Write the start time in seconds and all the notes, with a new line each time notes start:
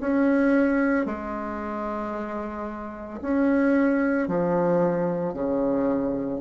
0.00 C#4
1.06 G#3
3.21 C#4
4.28 F3
5.34 C#3